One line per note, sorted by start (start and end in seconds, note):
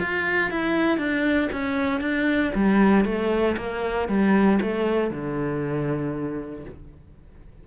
0.00 0.50 F4
0.50 0.98 E4
0.98 1.49 D4
1.52 2.01 C#4
2.01 2.52 D4
2.55 3.05 G3
3.05 3.56 A3
3.57 4.08 A#3
4.08 4.59 G3
4.61 5.11 A3
5.11 6.65 D3